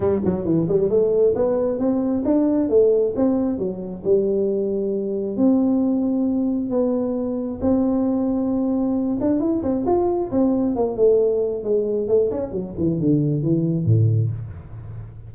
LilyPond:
\new Staff \with { instrumentName = "tuba" } { \time 4/4 \tempo 4 = 134 g8 fis8 e8 g8 a4 b4 | c'4 d'4 a4 c'4 | fis4 g2. | c'2. b4~ |
b4 c'2.~ | c'8 d'8 e'8 c'8 f'4 c'4 | ais8 a4. gis4 a8 cis'8 | fis8 e8 d4 e4 a,4 | }